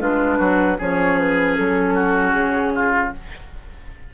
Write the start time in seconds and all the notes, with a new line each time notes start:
0.00 G#3 D4 F4 B4
0.38 F#3 F#4
0.79 F3 C#4 G#4 C#5
1.19 B4
1.56 F#3 A4
1.95 F#4
2.32 C#3 G#4
2.75 F4